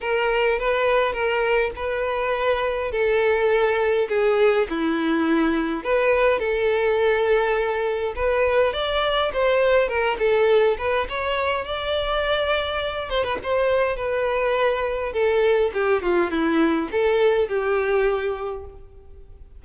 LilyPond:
\new Staff \with { instrumentName = "violin" } { \time 4/4 \tempo 4 = 103 ais'4 b'4 ais'4 b'4~ | b'4 a'2 gis'4 | e'2 b'4 a'4~ | a'2 b'4 d''4 |
c''4 ais'8 a'4 b'8 cis''4 | d''2~ d''8 c''16 b'16 c''4 | b'2 a'4 g'8 f'8 | e'4 a'4 g'2 | }